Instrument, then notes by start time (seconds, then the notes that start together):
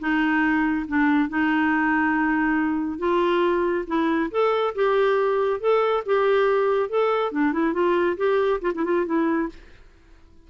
clarinet
0.00 D#4
0.88 D4
1.29 D#4
2.99 F4
3.87 E4
4.31 A4
4.75 G4
5.60 A4
6.06 G4
6.90 A4
7.32 D4
7.53 E4
7.74 F4
8.17 G4
8.62 F4
8.75 E4
8.85 F4
9.06 E4